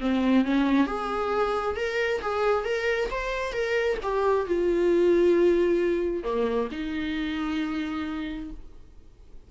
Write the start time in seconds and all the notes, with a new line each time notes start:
0.00 C4
0.44 C#4
0.86 G#4
1.76 A#4
2.21 G#4
2.64 A#4
3.10 C5
3.52 A#4
4.02 G4
4.46 F4
6.23 A#3
6.71 D#4